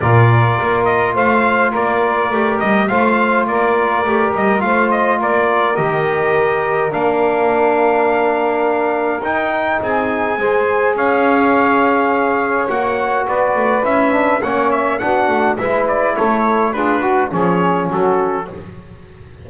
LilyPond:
<<
  \new Staff \with { instrumentName = "trumpet" } { \time 4/4 \tempo 4 = 104 d''4. dis''8 f''4 d''4~ | d''8 dis''8 f''4 d''4. dis''8 | f''8 dis''8 d''4 dis''2 | f''1 |
g''4 gis''2 f''4~ | f''2 fis''4 d''4 | e''4 fis''8 e''8 fis''4 e''8 d''8 | cis''4 b'4 cis''4 a'4 | }
  \new Staff \with { instrumentName = "saxophone" } { \time 4/4 ais'2 c''4 ais'4~ | ais'4 c''4 ais'2 | c''4 ais'2.~ | ais'1~ |
ais'4 gis'4 c''4 cis''4~ | cis''2. b'4~ | b'4 cis''4 fis'4 b'4 | a'4 gis'8 fis'8 gis'4 fis'4 | }
  \new Staff \with { instrumentName = "trombone" } { \time 4/4 f'1 | g'4 f'2 g'4 | f'2 g'2 | d'1 |
dis'2 gis'2~ | gis'2 fis'2 | e'8 d'8 cis'4 d'4 e'4~ | e'4 f'8 fis'8 cis'2 | }
  \new Staff \with { instrumentName = "double bass" } { \time 4/4 ais,4 ais4 a4 ais4 | a8 g8 a4 ais4 a8 g8 | a4 ais4 dis2 | ais1 |
dis'4 c'4 gis4 cis'4~ | cis'2 ais4 b8 a8 | cis'4 ais4 b8 a8 gis4 | a4 d'4 f4 fis4 | }
>>